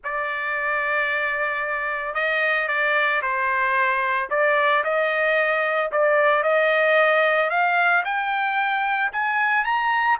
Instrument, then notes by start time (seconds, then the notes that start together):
trumpet
0.03 D5
2.14 D#5
2.68 D5
3.22 C5
4.30 D5
4.84 D#5
5.91 D5
6.43 D#5
7.50 F5
8.04 G5
9.12 G#5
9.64 A#5